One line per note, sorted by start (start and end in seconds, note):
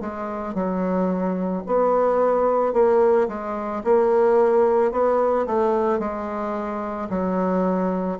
0.00 0.54 G#3
0.54 1.63 F#3
1.66 2.73 B3
2.73 3.27 A#3
3.28 3.82 G#3
3.84 4.91 A#3
4.91 5.45 B3
5.46 5.99 A3
5.99 7.08 G#3
7.09 8.18 F#3